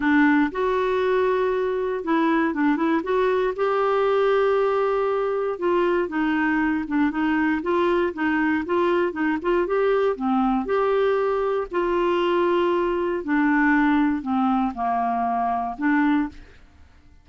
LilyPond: \new Staff \with { instrumentName = "clarinet" } { \time 4/4 \tempo 4 = 118 d'4 fis'2. | e'4 d'8 e'8 fis'4 g'4~ | g'2. f'4 | dis'4. d'8 dis'4 f'4 |
dis'4 f'4 dis'8 f'8 g'4 | c'4 g'2 f'4~ | f'2 d'2 | c'4 ais2 d'4 | }